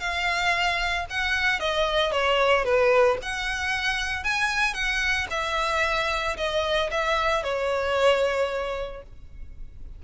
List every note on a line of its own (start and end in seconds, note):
0.00 1.06 F5
1.10 1.60 F#5
1.60 2.12 D#5
2.12 2.65 C#5
2.65 3.18 B4
3.23 4.24 F#5
4.24 4.74 G#5
4.74 5.27 F#5
5.31 6.37 E5
6.37 6.91 D#5
6.91 7.44 E5
7.44 9.03 C#5